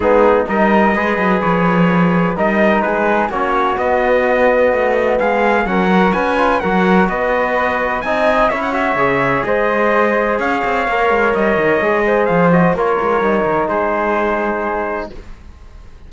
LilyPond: <<
  \new Staff \with { instrumentName = "trumpet" } { \time 4/4 \tempo 4 = 127 gis'4 dis''2 cis''4~ | cis''4 dis''4 b'4 cis''4 | dis''2. f''4 | fis''4 gis''4 fis''4 dis''4~ |
dis''4 gis''4 e''16 fis''16 e''4. | dis''2 f''2 | dis''2 f''8 dis''8 cis''4~ | cis''4 c''2. | }
  \new Staff \with { instrumentName = "flute" } { \time 4/4 dis'4 ais'4 b'2~ | b'4 ais'4 gis'4 fis'4~ | fis'2. gis'4 | ais'4 b'4 ais'4 b'4~ |
b'4 dis''4 cis''2 | c''2 cis''2~ | cis''4. c''4. ais'4~ | ais'4 gis'2. | }
  \new Staff \with { instrumentName = "trombone" } { \time 4/4 b4 dis'4 gis'2~ | gis'4 dis'2 cis'4 | b1 | cis'8 fis'4 f'8 fis'2~ |
fis'4 dis'4 e'8 fis'8 gis'4~ | gis'2. ais'4~ | ais'4 gis'4. fis'8 f'4 | dis'1 | }
  \new Staff \with { instrumentName = "cello" } { \time 4/4 gis4 g4 gis8 fis8 f4~ | f4 g4 gis4 ais4 | b2 a4 gis4 | fis4 cis'4 fis4 b4~ |
b4 c'4 cis'4 cis4 | gis2 cis'8 c'8 ais8 gis8 | g8 dis8 gis4 f4 ais8 gis8 | g8 dis8 gis2. | }
>>